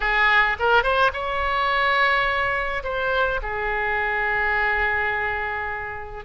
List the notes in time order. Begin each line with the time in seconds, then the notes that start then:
0.00 G#4
0.59 A#4
0.83 C5
1.13 C#5
2.83 C5
3.42 G#4